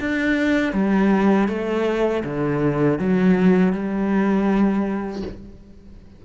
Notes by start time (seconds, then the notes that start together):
0.00 D4
0.73 G3
1.48 A3
2.24 D3
2.98 F#3
3.72 G3